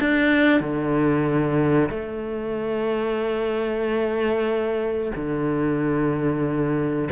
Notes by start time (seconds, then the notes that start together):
0.00 D4
0.60 D3
1.89 A3
5.16 D3